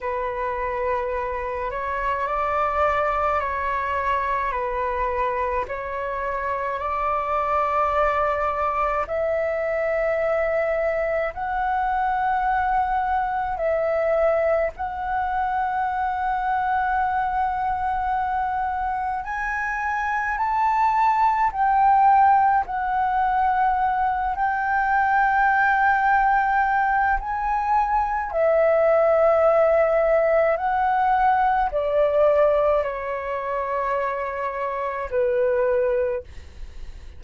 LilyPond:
\new Staff \with { instrumentName = "flute" } { \time 4/4 \tempo 4 = 53 b'4. cis''8 d''4 cis''4 | b'4 cis''4 d''2 | e''2 fis''2 | e''4 fis''2.~ |
fis''4 gis''4 a''4 g''4 | fis''4. g''2~ g''8 | gis''4 e''2 fis''4 | d''4 cis''2 b'4 | }